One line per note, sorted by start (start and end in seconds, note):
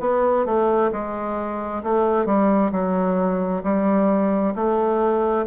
0.00 0.45 B3
0.45 0.91 A3
0.92 1.83 G#3
1.83 2.26 A3
2.26 2.71 G3
2.71 3.62 F#3
3.63 4.54 G3
4.55 5.46 A3